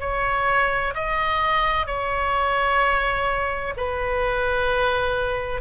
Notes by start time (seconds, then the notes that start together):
0.00 C#5
0.94 D#5
1.86 C#5
3.77 B4